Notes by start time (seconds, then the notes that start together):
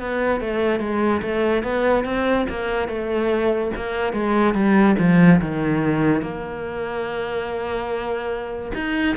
0.00 B3
0.41 A3
0.80 G#3
1.22 A3
1.64 B3
2.05 C4
2.50 A#3
2.89 A3
3.77 A#3
4.14 G#3
4.55 G3
4.99 F3
5.42 D#3
6.22 A#3
8.75 D#4